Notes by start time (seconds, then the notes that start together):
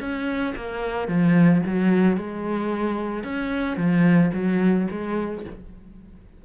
0.00 C#4
0.56 A#3
1.08 F3
1.66 F#3
2.17 G#3
3.24 C#4
3.77 F3
4.34 F#3
4.91 G#3